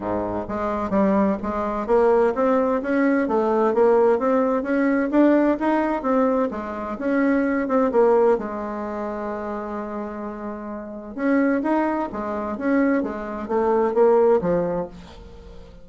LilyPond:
\new Staff \with { instrumentName = "bassoon" } { \time 4/4 \tempo 4 = 129 gis,4 gis4 g4 gis4 | ais4 c'4 cis'4 a4 | ais4 c'4 cis'4 d'4 | dis'4 c'4 gis4 cis'4~ |
cis'8 c'8 ais4 gis2~ | gis1 | cis'4 dis'4 gis4 cis'4 | gis4 a4 ais4 f4 | }